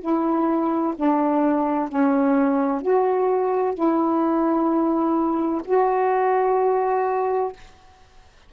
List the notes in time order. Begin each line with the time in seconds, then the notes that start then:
0.00 E4
0.95 D4
1.88 C#4
2.81 F#4
3.74 E4
5.65 F#4